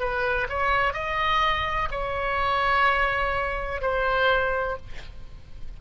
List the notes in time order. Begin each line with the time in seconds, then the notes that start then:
0.00 B4
0.49 C#5
0.94 D#5
1.91 C#5
3.81 C5